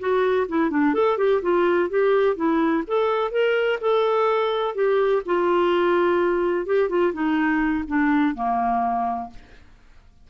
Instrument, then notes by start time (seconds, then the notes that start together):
clarinet
0.00 F#4
0.49 E4
0.71 D4
0.94 A4
1.18 G4
1.42 F4
1.90 G4
2.36 E4
2.87 A4
3.32 A#4
3.81 A4
4.75 G4
5.26 F4
6.66 G4
6.89 F4
7.13 D#4
7.88 D4
8.35 A#3